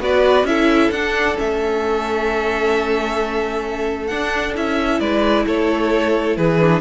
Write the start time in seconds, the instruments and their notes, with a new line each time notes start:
0.00 cello B3, viola F#4, violin B4 D5
0.44 cello C#4, viola E4, violin A4 E5
0.91 cello D4, viola D4, violin F#5
1.36 cello A3, viola C#4, violin E5
4.07 viola D4, cello D4, violin F#5
4.55 cello C#4, viola E4, violin E5
5.00 cello G#3, violin B4 D5
5.46 cello A3, violin A4 C#5
6.37 cello E3, violin G#4 B4
6.60 viola D4